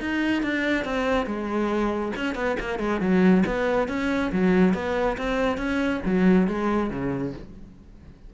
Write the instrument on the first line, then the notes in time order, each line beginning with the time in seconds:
cello
0.00 D#4
0.43 D4
0.85 C4
1.26 G#3
2.16 C#4
2.35 B3
2.60 A#3
2.79 G#3
3.00 F#3
3.46 B3
3.88 C#4
4.32 F#3
4.74 B3
5.17 C4
5.57 C#4
6.05 F#3
6.47 G#3
6.90 C#3